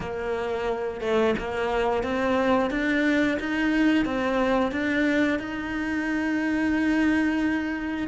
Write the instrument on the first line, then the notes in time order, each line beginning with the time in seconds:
cello
0.00 A#3
1.01 A3
1.38 A#3
2.03 C4
2.70 D4
3.39 D#4
4.05 C4
4.71 D4
5.39 D#4